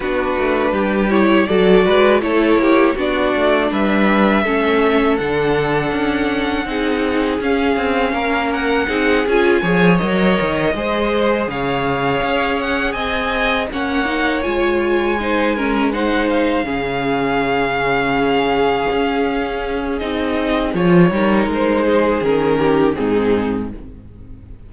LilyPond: <<
  \new Staff \with { instrumentName = "violin" } { \time 4/4 \tempo 4 = 81 b'4. cis''8 d''4 cis''4 | d''4 e''2 fis''4~ | fis''2 f''4. fis''8~ | fis''8 gis''4 dis''2 f''8~ |
f''4 fis''8 gis''4 fis''4 gis''8~ | gis''4. fis''8 f''2~ | f''2. dis''4 | cis''4 c''4 ais'4 gis'4 | }
  \new Staff \with { instrumentName = "violin" } { \time 4/4 fis'4 g'4 a'8 b'8 a'8 g'8 | fis'4 b'4 a'2~ | a'4 gis'2 ais'4 | gis'4 cis''4. c''4 cis''8~ |
cis''4. dis''4 cis''4.~ | cis''8 c''8 ais'8 c''4 gis'4.~ | gis'1~ | gis'8 ais'4 gis'4 g'8 dis'4 | }
  \new Staff \with { instrumentName = "viola" } { \time 4/4 d'4. e'8 fis'4 e'4 | d'2 cis'4 d'4~ | d'4 dis'4 cis'2 | dis'8 f'8 gis'8 ais'4 gis'4.~ |
gis'2~ gis'8 cis'8 dis'8 f'8~ | f'8 dis'8 cis'8 dis'4 cis'4.~ | cis'2. dis'4 | f'8 dis'4. cis'4 c'4 | }
  \new Staff \with { instrumentName = "cello" } { \time 4/4 b8 a8 g4 fis8 gis8 a8 ais8 | b8 a8 g4 a4 d4 | cis'4 c'4 cis'8 c'8 ais4 | c'8 cis'8 f8 fis8 dis8 gis4 cis8~ |
cis8 cis'4 c'4 ais4 gis8~ | gis2~ gis8 cis4.~ | cis4. cis'4. c'4 | f8 g8 gis4 dis4 gis,4 | }
>>